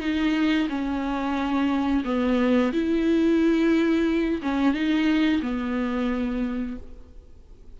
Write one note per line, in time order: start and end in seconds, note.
0.00 0.67 D#4
0.68 2.03 C#4
2.04 2.72 B3
2.72 4.41 E4
4.42 4.73 C#4
4.73 5.41 D#4
5.41 6.76 B3